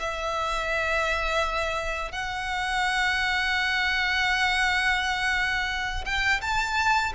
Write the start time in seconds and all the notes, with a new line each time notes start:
0.00 E5
2.12 F#5
6.05 G5
6.42 A5